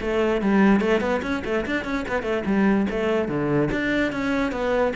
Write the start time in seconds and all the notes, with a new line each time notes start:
0.00 A3
0.41 G3
0.80 A3
1.00 B3
1.22 C#4
1.44 A3
1.65 D4
1.84 C#4
2.08 B3
2.22 A3
2.45 G3
2.90 A3
3.28 D3
3.71 D4
4.12 C#4
4.51 B3